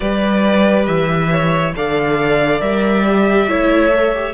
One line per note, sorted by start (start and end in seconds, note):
0.00 0.87 G3
0.00 1.72 G4
0.00 1.31 B4
0.00 0.85 D5
0.85 1.74 E3
0.85 1.72 E5
1.31 1.74 C#5
1.75 2.60 D3
1.75 2.60 A4
1.75 3.49 D5
1.75 2.61 F5
2.60 3.47 G3
2.60 3.03 A#4
2.60 4.33 E5
3.06 3.48 G4
3.48 4.33 A3
3.48 3.92 E4
3.48 4.33 C#5
3.94 4.13 A4
4.13 4.33 G4